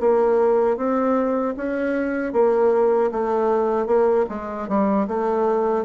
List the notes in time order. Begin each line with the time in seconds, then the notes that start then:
0.00 A#3
0.77 C4
1.57 C#4
2.33 A#3
3.12 A3
3.86 A#3
4.29 G#3
4.68 G3
5.08 A3